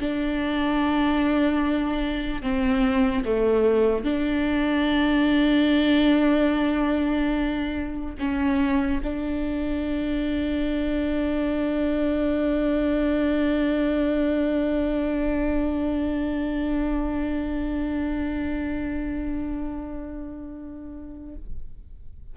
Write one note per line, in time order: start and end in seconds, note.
0.00 2.42 D4
2.42 3.24 C4
3.25 4.04 A3
4.04 8.15 D4
8.19 9.01 C#4
9.03 21.36 D4